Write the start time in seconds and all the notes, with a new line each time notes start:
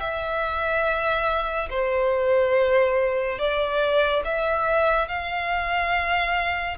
0.00 E5
1.69 C5
3.38 D5
4.25 E5
5.08 F5